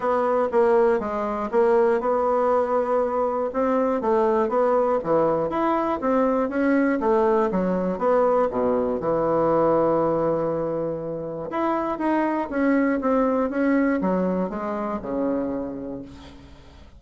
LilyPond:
\new Staff \with { instrumentName = "bassoon" } { \time 4/4 \tempo 4 = 120 b4 ais4 gis4 ais4 | b2. c'4 | a4 b4 e4 e'4 | c'4 cis'4 a4 fis4 |
b4 b,4 e2~ | e2. e'4 | dis'4 cis'4 c'4 cis'4 | fis4 gis4 cis2 | }